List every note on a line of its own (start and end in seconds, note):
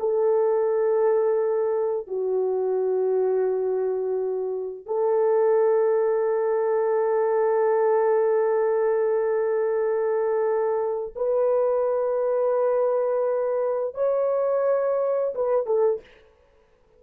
0.00 2.07 A4
2.07 4.86 F#4
4.86 11.14 A4
11.16 13.94 B4
13.94 15.34 C#5
15.35 15.66 B4
15.66 16.01 A4